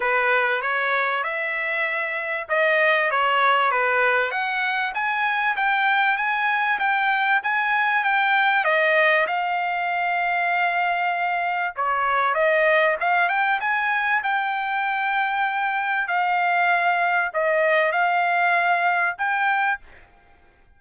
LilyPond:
\new Staff \with { instrumentName = "trumpet" } { \time 4/4 \tempo 4 = 97 b'4 cis''4 e''2 | dis''4 cis''4 b'4 fis''4 | gis''4 g''4 gis''4 g''4 | gis''4 g''4 dis''4 f''4~ |
f''2. cis''4 | dis''4 f''8 g''8 gis''4 g''4~ | g''2 f''2 | dis''4 f''2 g''4 | }